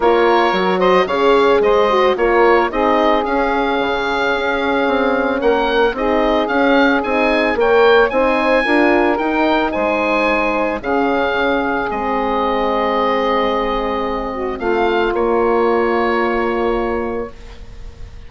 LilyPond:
<<
  \new Staff \with { instrumentName = "oboe" } { \time 4/4 \tempo 4 = 111 cis''4. dis''8 f''4 dis''4 | cis''4 dis''4 f''2~ | f''2 fis''4 dis''4 | f''4 gis''4 g''4 gis''4~ |
gis''4 g''4 gis''2 | f''2 dis''2~ | dis''2. f''4 | cis''1 | }
  \new Staff \with { instrumentName = "saxophone" } { \time 4/4 ais'4. c''8 cis''4 c''4 | ais'4 gis'2.~ | gis'2 ais'4 gis'4~ | gis'2 cis''4 c''4 |
ais'2 c''2 | gis'1~ | gis'2~ gis'8 fis'8 f'4~ | f'1 | }
  \new Staff \with { instrumentName = "horn" } { \time 4/4 f'4 fis'4 gis'4. fis'8 | f'4 dis'4 cis'2~ | cis'2. dis'4 | cis'4 dis'4 ais'4 dis'4 |
f'4 dis'2. | cis'2 c'2~ | c'1 | ais1 | }
  \new Staff \with { instrumentName = "bassoon" } { \time 4/4 ais4 fis4 cis4 gis4 | ais4 c'4 cis'4 cis4 | cis'4 c'4 ais4 c'4 | cis'4 c'4 ais4 c'4 |
d'4 dis'4 gis2 | cis2 gis2~ | gis2. a4 | ais1 | }
>>